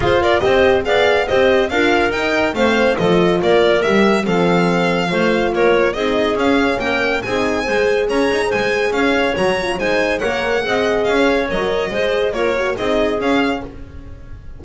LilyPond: <<
  \new Staff \with { instrumentName = "violin" } { \time 4/4 \tempo 4 = 141 c''8 d''8 dis''4 f''4 dis''4 | f''4 g''4 f''4 dis''4 | d''4 e''4 f''2~ | f''4 cis''4 dis''4 f''4 |
g''4 gis''2 ais''4 | gis''4 f''4 ais''4 gis''4 | fis''2 f''4 dis''4~ | dis''4 cis''4 dis''4 f''4 | }
  \new Staff \with { instrumentName = "clarinet" } { \time 4/4 gis'8 ais'8 c''4 d''4 c''4 | ais'2 c''4 a'4 | ais'2 a'2 | c''4 ais'4 gis'2 |
ais'4 gis'4 c''4 cis''4 | c''4 cis''2 c''4 | cis''4 dis''4~ dis''16 cis''4.~ cis''16 | c''4 ais'4 gis'2 | }
  \new Staff \with { instrumentName = "horn" } { \time 4/4 f'4 g'4 gis'4 g'4 | f'4 dis'4 c'4 f'4~ | f'4 g'4 c'2 | f'2 dis'4 cis'4~ |
cis'4 dis'4 gis'2~ | gis'2 fis'8 f'8 dis'4 | ais'4 gis'2 ais'4 | gis'4 f'8 fis'8 dis'4 cis'4 | }
  \new Staff \with { instrumentName = "double bass" } { \time 4/4 f'4 c'4 b4 c'4 | d'4 dis'4 a4 f4 | ais4 g4 f2 | a4 ais4 c'4 cis'4 |
ais4 c'4 gis4 cis'8 dis'8 | gis4 cis'4 fis4 gis4 | ais4 c'4 cis'4 fis4 | gis4 ais4 c'4 cis'4 | }
>>